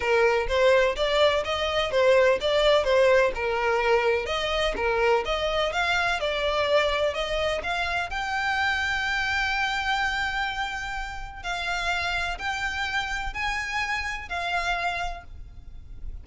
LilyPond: \new Staff \with { instrumentName = "violin" } { \time 4/4 \tempo 4 = 126 ais'4 c''4 d''4 dis''4 | c''4 d''4 c''4 ais'4~ | ais'4 dis''4 ais'4 dis''4 | f''4 d''2 dis''4 |
f''4 g''2.~ | g''1 | f''2 g''2 | gis''2 f''2 | }